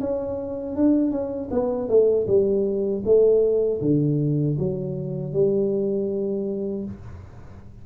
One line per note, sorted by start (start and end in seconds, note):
0.00 0.76 C#4
0.76 1.11 D4
1.11 1.49 C#4
1.51 1.88 B3
1.88 2.26 A3
2.27 3.03 G3
3.04 3.80 A3
3.81 4.57 D3
4.58 5.33 F#3
5.33 6.85 G3